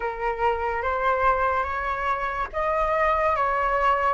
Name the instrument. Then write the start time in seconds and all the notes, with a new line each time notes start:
flute
0.00 A#4
0.82 C5
1.63 C#5
2.52 D#5
3.35 C#5